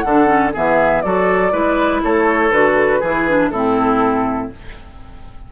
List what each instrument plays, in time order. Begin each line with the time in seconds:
0.00 bassoon D3, clarinet D4, oboe A4, flute F#5
0.26 clarinet C#4
0.53 bassoon E3, clarinet B3, oboe G#4, flute E5
1.01 bassoon F#3, clarinet F#4, oboe A4, flute D5
1.52 bassoon G#3, clarinet E4, oboe B4
2.03 bassoon A3, oboe A4, flute C#5
2.51 bassoon D3, clarinet F#4, flute B4
3.00 bassoon E3, clarinet E4, oboe G#4
3.28 clarinet D4
3.50 bassoon A2, clarinet C4, oboe E4, flute A4